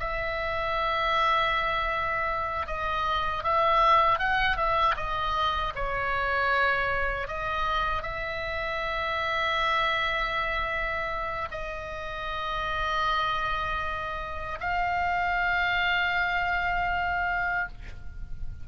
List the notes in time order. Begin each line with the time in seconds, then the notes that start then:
0.00 E5
2.67 D#5
3.44 E5
4.20 F#5
4.57 E5
4.97 D#5
5.76 C#5
7.28 D#5
8.03 E5
11.52 D#5
14.61 F5